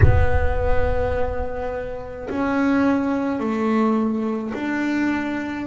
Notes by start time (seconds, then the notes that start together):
0.02 B3
2.30 C#4
3.40 A3
4.53 D4